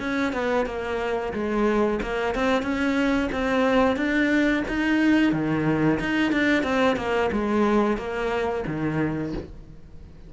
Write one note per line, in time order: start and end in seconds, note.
0.00 0.33 C#4
0.33 0.66 B3
0.66 1.33 A#3
1.34 2.00 G#3
2.03 2.35 A#3
2.35 2.63 C4
2.63 3.29 C#4
3.32 3.97 C4
3.97 4.64 D4
4.68 5.33 D#4
5.33 6.00 D#3
6.00 6.32 D#4
6.32 6.64 D4
6.64 6.97 C4
6.97 7.30 A#3
7.32 7.98 G#3
7.98 8.64 A#3
8.67 9.34 D#3